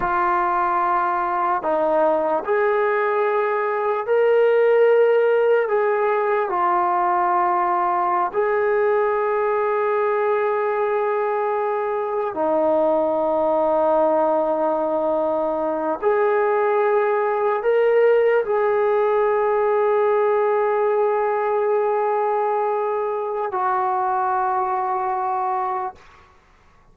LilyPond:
\new Staff \with { instrumentName = "trombone" } { \time 4/4 \tempo 4 = 74 f'2 dis'4 gis'4~ | gis'4 ais'2 gis'4 | f'2~ f'16 gis'4.~ gis'16~ | gis'2.~ gis'16 dis'8.~ |
dis'2.~ dis'8. gis'16~ | gis'4.~ gis'16 ais'4 gis'4~ gis'16~ | gis'1~ | gis'4 fis'2. | }